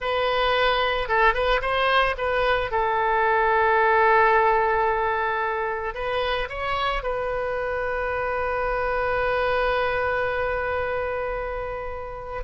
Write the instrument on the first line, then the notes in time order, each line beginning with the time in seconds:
oboe
0.00 B4
1.08 A4
1.33 B4
1.61 C5
2.17 B4
2.71 A4
5.94 B4
6.49 C#5
7.02 B4